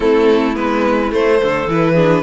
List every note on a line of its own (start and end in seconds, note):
0.00 0.56 A3
0.00 0.54 C4
0.00 1.39 E4
0.00 0.55 A4
0.54 1.12 G#3
0.54 1.10 B3
0.54 1.11 B4
1.11 1.67 A3
1.11 1.40 A3
1.11 1.69 C5
1.40 1.67 D3
1.40 1.92 A4
1.67 2.23 E3
1.67 1.95 E4
1.67 2.23 B4
1.92 2.23 D4
1.92 2.20 G#4